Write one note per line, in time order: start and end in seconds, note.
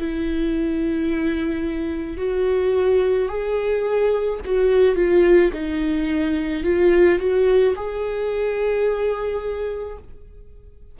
0.00 2.18 E4
2.18 3.29 F#4
3.29 4.40 G#4
4.45 4.96 F#4
4.96 5.52 F4
5.54 6.64 D#4
6.64 7.20 F4
7.20 7.75 F#4
7.76 9.98 G#4